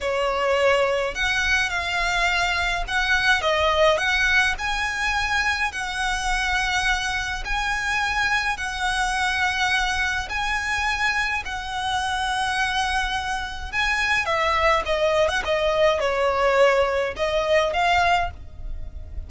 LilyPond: \new Staff \with { instrumentName = "violin" } { \time 4/4 \tempo 4 = 105 cis''2 fis''4 f''4~ | f''4 fis''4 dis''4 fis''4 | gis''2 fis''2~ | fis''4 gis''2 fis''4~ |
fis''2 gis''2 | fis''1 | gis''4 e''4 dis''8. fis''16 dis''4 | cis''2 dis''4 f''4 | }